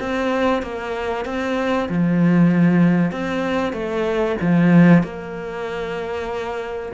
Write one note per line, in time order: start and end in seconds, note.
0.00 0.63 C4
0.63 1.25 A#3
1.25 1.88 C4
1.89 3.12 F3
3.12 3.73 C4
3.73 4.36 A3
4.41 5.03 F3
5.03 6.92 A#3